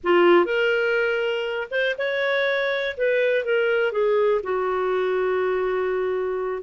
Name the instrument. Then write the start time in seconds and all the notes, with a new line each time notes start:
clarinet
0.03 F4
0.45 A#4
1.71 C5
1.98 C#5
2.97 B4
3.44 A#4
3.92 G#4
4.43 F#4